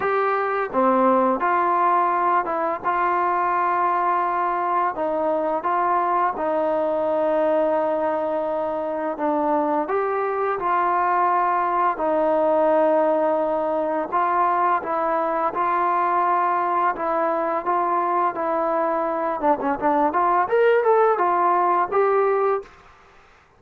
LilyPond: \new Staff \with { instrumentName = "trombone" } { \time 4/4 \tempo 4 = 85 g'4 c'4 f'4. e'8 | f'2. dis'4 | f'4 dis'2.~ | dis'4 d'4 g'4 f'4~ |
f'4 dis'2. | f'4 e'4 f'2 | e'4 f'4 e'4. d'16 cis'16 | d'8 f'8 ais'8 a'8 f'4 g'4 | }